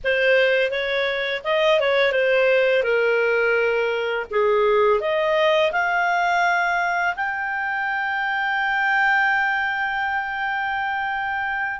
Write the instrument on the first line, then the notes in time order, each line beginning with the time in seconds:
clarinet
0.04 C5
0.70 C#5
1.44 D#5
1.80 C#5
2.12 C5
2.83 A#4
4.31 G#4
5.00 D#5
5.71 F5
7.16 G5